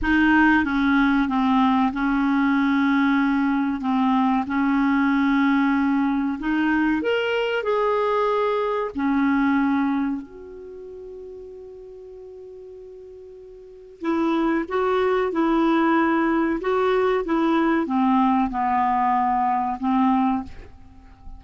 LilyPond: \new Staff \with { instrumentName = "clarinet" } { \time 4/4 \tempo 4 = 94 dis'4 cis'4 c'4 cis'4~ | cis'2 c'4 cis'4~ | cis'2 dis'4 ais'4 | gis'2 cis'2 |
fis'1~ | fis'2 e'4 fis'4 | e'2 fis'4 e'4 | c'4 b2 c'4 | }